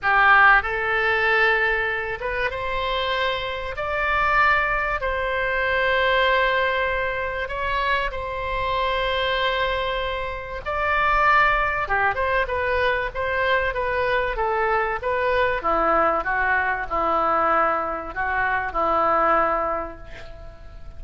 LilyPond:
\new Staff \with { instrumentName = "oboe" } { \time 4/4 \tempo 4 = 96 g'4 a'2~ a'8 b'8 | c''2 d''2 | c''1 | cis''4 c''2.~ |
c''4 d''2 g'8 c''8 | b'4 c''4 b'4 a'4 | b'4 e'4 fis'4 e'4~ | e'4 fis'4 e'2 | }